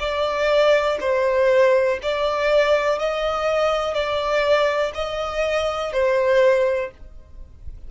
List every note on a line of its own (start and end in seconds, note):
0.00 0.98 D5
1.01 1.99 C5
2.03 3.00 D5
3.00 3.94 D#5
3.94 4.93 D5
4.94 5.93 D#5
5.93 6.91 C5